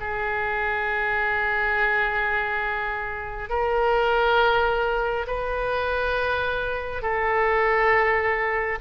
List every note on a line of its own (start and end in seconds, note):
0.00 3.50 G#4
3.50 5.26 A#4
5.27 7.02 B4
7.02 8.79 A4